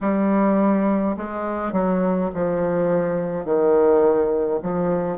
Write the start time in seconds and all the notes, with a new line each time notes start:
0.01 G3
1.16 G#3
1.72 F#3
2.34 F3
3.44 D#3
4.62 F3